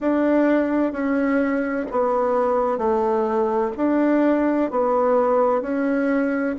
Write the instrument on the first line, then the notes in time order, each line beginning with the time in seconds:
bassoon
0.00 D4
0.92 C#4
1.91 B3
2.77 A3
3.77 D4
4.70 B3
5.61 C#4